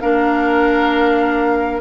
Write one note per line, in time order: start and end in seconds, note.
0.00 1.80 A#3
0.00 1.80 D4
0.00 1.80 A#4
0.00 1.80 F5